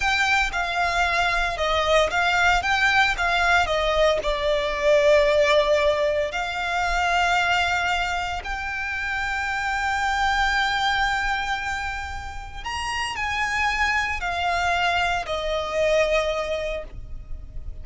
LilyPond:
\new Staff \with { instrumentName = "violin" } { \time 4/4 \tempo 4 = 114 g''4 f''2 dis''4 | f''4 g''4 f''4 dis''4 | d''1 | f''1 |
g''1~ | g''1 | ais''4 gis''2 f''4~ | f''4 dis''2. | }